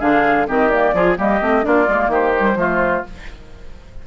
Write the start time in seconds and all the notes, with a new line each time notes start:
0.00 D3 D4 G#4 F5
0.48 D#3 C4 G4 D#5
0.69 A#3 D5
0.94 F3 F4 G#4
1.17 G3 A#3 G4 D#5
1.42 A3 C4
1.63 A#3 D4 F4 D5
1.88 G#3 A#3
2.08 D#3 G4 C5
2.38 G3
2.56 F3 A3 F4